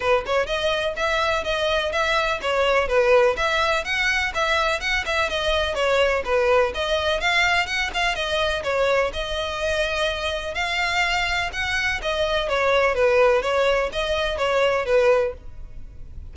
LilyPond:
\new Staff \with { instrumentName = "violin" } { \time 4/4 \tempo 4 = 125 b'8 cis''8 dis''4 e''4 dis''4 | e''4 cis''4 b'4 e''4 | fis''4 e''4 fis''8 e''8 dis''4 | cis''4 b'4 dis''4 f''4 |
fis''8 f''8 dis''4 cis''4 dis''4~ | dis''2 f''2 | fis''4 dis''4 cis''4 b'4 | cis''4 dis''4 cis''4 b'4 | }